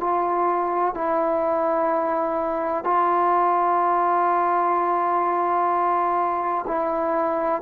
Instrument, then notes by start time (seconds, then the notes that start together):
trombone
0.00 F4
0.94 E4
2.84 F4
6.67 E4